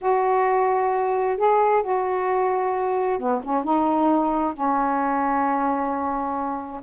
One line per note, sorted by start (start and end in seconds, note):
0.01 1.37 F#4
1.37 1.82 G#4
1.82 3.19 F#4
3.19 3.41 B3
3.43 3.63 C#4
3.63 4.53 D#4
4.53 6.81 C#4